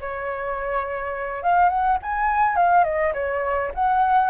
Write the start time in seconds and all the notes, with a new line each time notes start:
0.00 C#5
1.42 F5
1.69 F#5
2.02 G#5
2.56 F5
2.84 D#5
3.13 C#5
3.74 F#5